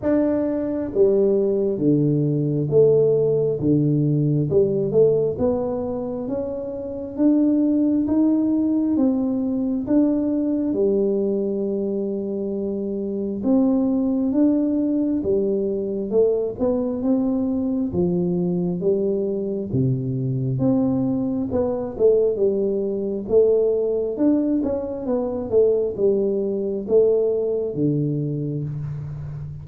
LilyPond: \new Staff \with { instrumentName = "tuba" } { \time 4/4 \tempo 4 = 67 d'4 g4 d4 a4 | d4 g8 a8 b4 cis'4 | d'4 dis'4 c'4 d'4 | g2. c'4 |
d'4 g4 a8 b8 c'4 | f4 g4 c4 c'4 | b8 a8 g4 a4 d'8 cis'8 | b8 a8 g4 a4 d4 | }